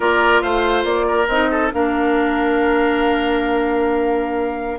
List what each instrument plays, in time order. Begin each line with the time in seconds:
0.00 bassoon A#3, clarinet F4, oboe A#4, flute D5
0.41 bassoon A3, oboe C5, flute F5
0.84 bassoon A#3, flute D5
1.07 oboe A#4
1.28 bassoon C4, clarinet D#4, flute D#5
1.51 oboe A4
1.71 bassoon A#3, clarinet D4, oboe A#4, flute F5